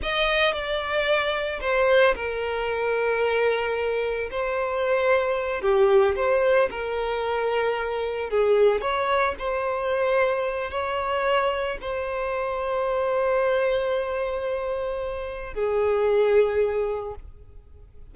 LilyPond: \new Staff \with { instrumentName = "violin" } { \time 4/4 \tempo 4 = 112 dis''4 d''2 c''4 | ais'1 | c''2~ c''8 g'4 c''8~ | c''8 ais'2. gis'8~ |
gis'8 cis''4 c''2~ c''8 | cis''2 c''2~ | c''1~ | c''4 gis'2. | }